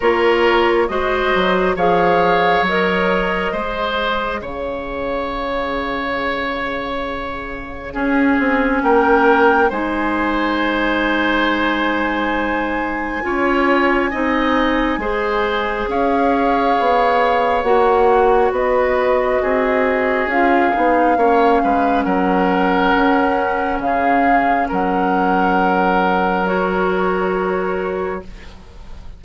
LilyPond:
<<
  \new Staff \with { instrumentName = "flute" } { \time 4/4 \tempo 4 = 68 cis''4 dis''4 f''4 dis''4~ | dis''4 f''2.~ | f''2 g''4 gis''4~ | gis''1~ |
gis''2 f''2 | fis''4 dis''2 f''4~ | f''4 fis''2 f''4 | fis''2 cis''2 | }
  \new Staff \with { instrumentName = "oboe" } { \time 4/4 ais'4 c''4 cis''2 | c''4 cis''2.~ | cis''4 gis'4 ais'4 c''4~ | c''2. cis''4 |
dis''4 c''4 cis''2~ | cis''4 b'4 gis'2 | cis''8 b'8 ais'2 gis'4 | ais'1 | }
  \new Staff \with { instrumentName = "clarinet" } { \time 4/4 f'4 fis'4 gis'4 ais'4 | gis'1~ | gis'4 cis'2 dis'4~ | dis'2. f'4 |
dis'4 gis'2. | fis'2. f'8 dis'8 | cis'1~ | cis'2 fis'2 | }
  \new Staff \with { instrumentName = "bassoon" } { \time 4/4 ais4 gis8 fis8 f4 fis4 | gis4 cis2.~ | cis4 cis'8 c'8 ais4 gis4~ | gis2. cis'4 |
c'4 gis4 cis'4 b4 | ais4 b4 c'4 cis'8 b8 | ais8 gis8 fis4 cis'4 cis4 | fis1 | }
>>